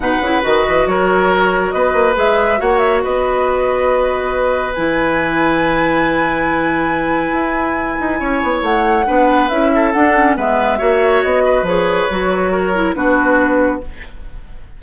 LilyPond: <<
  \new Staff \with { instrumentName = "flute" } { \time 4/4 \tempo 4 = 139 fis''4 dis''4 cis''2 | dis''4 e''4 fis''8 e''8 dis''4~ | dis''2. gis''4~ | gis''1~ |
gis''1 | fis''2 e''4 fis''4 | e''2 dis''4 cis''4~ | cis''2 b'2 | }
  \new Staff \with { instrumentName = "oboe" } { \time 4/4 b'2 ais'2 | b'2 cis''4 b'4~ | b'1~ | b'1~ |
b'2. cis''4~ | cis''4 b'4. a'4. | b'4 cis''4. b'4.~ | b'4 ais'4 fis'2 | }
  \new Staff \with { instrumentName = "clarinet" } { \time 4/4 dis'8 e'8 fis'2.~ | fis'4 gis'4 fis'2~ | fis'2. e'4~ | e'1~ |
e'1~ | e'4 d'4 e'4 d'8 cis'8 | b4 fis'2 gis'4 | fis'4. e'8 d'2 | }
  \new Staff \with { instrumentName = "bassoon" } { \time 4/4 b,8 cis8 dis8 e8 fis2 | b8 ais8 gis4 ais4 b4~ | b2. e4~ | e1~ |
e4 e'4. dis'8 cis'8 b8 | a4 b4 cis'4 d'4 | gis4 ais4 b4 f4 | fis2 b2 | }
>>